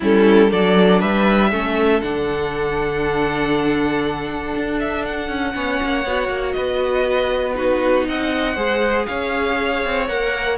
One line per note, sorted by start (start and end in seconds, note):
0.00 0.51 G3
0.00 0.49 C#4
0.00 0.49 E4
0.00 0.52 A4
0.49 1.02 F#3
0.49 1.50 D4
0.49 0.99 A4
0.49 1.01 D5
0.99 1.51 G3
0.99 1.49 B4
0.99 2.01 E5
1.51 2.02 A3
1.51 2.02 C#4
1.51 5.54 A4
2.01 4.54 D3
2.01 5.53 D4
2.01 4.79 F#5
4.55 5.29 D4
4.80 5.05 E5
5.05 6.52 F#5
5.29 5.54 C#4
5.53 5.80 B3
5.53 6.03 C#4
5.53 6.55 C#5
5.82 6.05 A#3
6.05 6.28 B3
6.05 7.54 F#4
6.28 6.54 A#3
6.52 8.08 B3
6.52 7.56 B4
6.52 7.53 D#5
7.54 8.55 D#4
7.54 8.07 F#4
7.54 8.05 B4
8.08 8.56 C4
8.08 8.54 D#5
8.08 9.06 F#5
8.54 9.06 G#3
8.54 10.07 G#4
8.54 9.05 C5
9.06 9.84 C#4
9.06 10.57 C#5
9.06 10.06 F5
9.84 10.09 C4
10.07 10.57 A#3
10.07 10.57 A#4
10.07 10.57 F#5